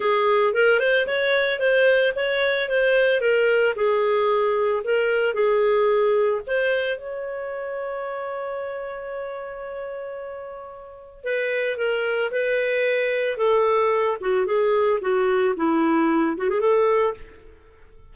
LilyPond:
\new Staff \with { instrumentName = "clarinet" } { \time 4/4 \tempo 4 = 112 gis'4 ais'8 c''8 cis''4 c''4 | cis''4 c''4 ais'4 gis'4~ | gis'4 ais'4 gis'2 | c''4 cis''2.~ |
cis''1~ | cis''4 b'4 ais'4 b'4~ | b'4 a'4. fis'8 gis'4 | fis'4 e'4. fis'16 gis'16 a'4 | }